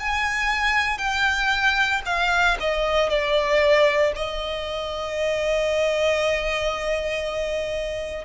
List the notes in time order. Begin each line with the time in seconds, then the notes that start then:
0.00 G#5
0.99 G5
2.06 F5
2.61 D#5
3.10 D5
4.16 D#5